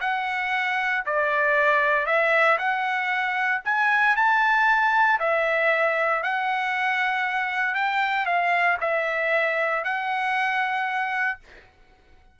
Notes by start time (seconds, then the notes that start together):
0.00 F#5
1.06 D5
2.06 E5
2.58 F#5
3.64 G#5
4.16 A5
5.19 E5
6.23 F#5
7.74 G5
8.25 F5
8.80 E5
9.84 F#5